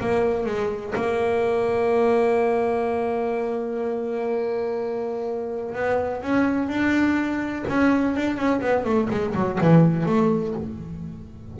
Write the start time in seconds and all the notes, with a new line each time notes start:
0.00 A#3
0.46 G#3
0.95 A#3
5.75 B3
6.23 C#4
6.69 D4
7.68 C#4
8.16 D4
8.37 C#4
8.61 B3
8.85 A3
9.10 G#3
9.35 F#3
9.61 E3
10.06 A3